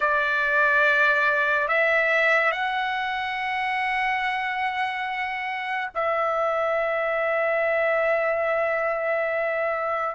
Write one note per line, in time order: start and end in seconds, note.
0.00 1.68 D5
1.68 2.51 E5
2.51 5.89 F#5
5.94 10.14 E5